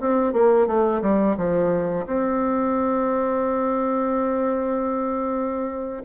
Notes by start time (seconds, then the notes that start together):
0.00 C4
0.33 A#3
0.66 A3
1.01 G3
1.37 F3
2.06 C4